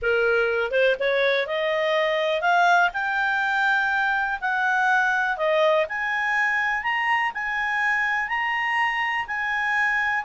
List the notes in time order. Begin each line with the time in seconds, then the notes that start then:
0.02 A#4
0.71 C5
0.99 C#5
1.47 D#5
2.41 F5
2.93 G5
4.40 F#5
5.37 D#5
5.88 G#5
6.83 A#5
7.34 G#5
8.28 A#5
9.27 G#5